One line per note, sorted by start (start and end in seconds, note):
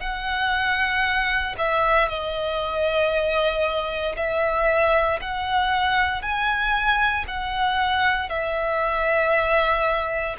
0.00 1.55 F#5
1.58 2.08 E5
2.08 4.15 D#5
4.16 5.20 E5
5.21 6.22 F#5
6.22 7.25 G#5
7.27 8.29 F#5
8.29 10.36 E5